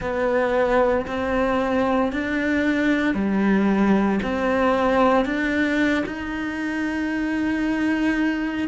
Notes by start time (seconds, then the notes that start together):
0.00 B3
1.07 C4
2.12 D4
3.14 G3
4.22 C4
5.25 D4
6.05 D#4